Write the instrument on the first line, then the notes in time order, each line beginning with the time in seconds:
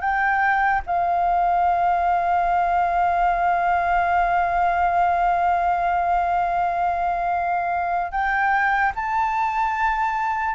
flute
0.00 G5
0.86 F5
8.11 G5
8.95 A5